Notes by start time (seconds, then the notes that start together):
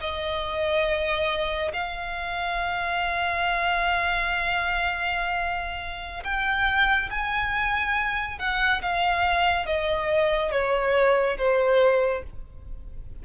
0.00 D#5
1.73 F5
6.24 G5
7.10 G#5
8.38 F#5
8.82 F5
9.66 D#5
10.52 C#5
11.37 C5